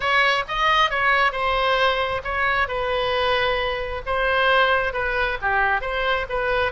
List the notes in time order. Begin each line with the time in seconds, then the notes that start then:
0.00 C#5
0.48 D#5
0.90 C#5
1.32 C5
2.24 C#5
2.67 B4
4.06 C5
4.93 B4
5.41 G4
5.81 C5
6.29 B4